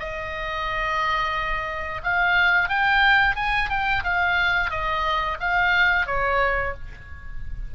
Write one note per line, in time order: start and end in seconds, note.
0.00 2.02 D#5
2.03 2.69 F5
2.69 3.36 G5
3.36 3.70 G#5
3.70 4.04 G5
4.04 4.71 F5
4.71 5.38 D#5
5.40 6.07 F5
6.07 6.74 C#5